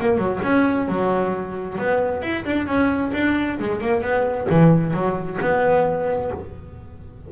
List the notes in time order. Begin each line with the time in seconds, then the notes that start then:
0.00 A#3
0.18 F#3
0.43 C#4
0.88 F#3
1.78 B3
2.22 E4
2.45 D4
2.66 C#4
3.13 D4
3.59 G#3
3.81 A#3
4.02 B3
4.50 E3
4.93 F#3
5.41 B3